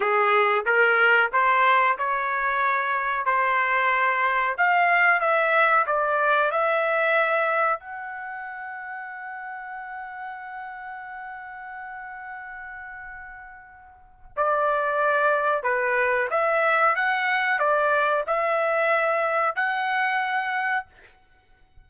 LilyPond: \new Staff \with { instrumentName = "trumpet" } { \time 4/4 \tempo 4 = 92 gis'4 ais'4 c''4 cis''4~ | cis''4 c''2 f''4 | e''4 d''4 e''2 | fis''1~ |
fis''1~ | fis''2 d''2 | b'4 e''4 fis''4 d''4 | e''2 fis''2 | }